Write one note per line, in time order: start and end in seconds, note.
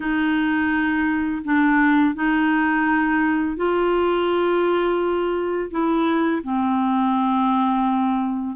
0.00 1.43 D#4
1.44 2.14 D4
2.14 3.56 D#4
3.56 5.70 F4
5.70 6.42 E4
6.43 8.56 C4